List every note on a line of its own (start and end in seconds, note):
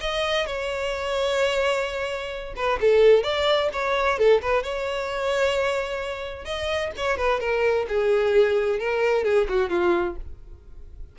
0.00 0.46 D#5
0.46 2.54 C#5
2.56 2.79 B4
2.81 3.23 A4
3.23 3.69 D5
3.73 4.18 C#5
4.18 4.41 A4
4.41 4.63 B4
4.63 6.44 C#5
6.44 6.91 D#5
6.97 7.17 C#5
7.17 7.40 B4
7.40 7.86 A#4
7.88 8.79 G#4
8.79 9.24 A#4
9.24 9.47 G#4
9.49 9.69 F#4
9.69 10.16 F4